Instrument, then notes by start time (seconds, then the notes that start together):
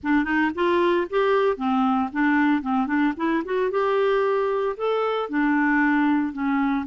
clarinet
0.03 D4
0.24 D#4
0.55 F4
1.10 G4
1.56 C4
2.12 D4
2.62 C4
2.86 D4
3.16 E4
3.44 F#4
3.70 G4
4.77 A4
5.29 D4
6.33 C#4